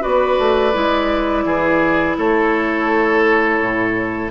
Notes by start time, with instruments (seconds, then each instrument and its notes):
0.00 bassoon B3, clarinet F#4, oboe B4, flute D5
0.38 bassoon A3
0.73 bassoon G#3, clarinet E4
1.45 bassoon E3, oboe G#4
2.17 bassoon A3, oboe A4, flute C#5
3.60 bassoon A2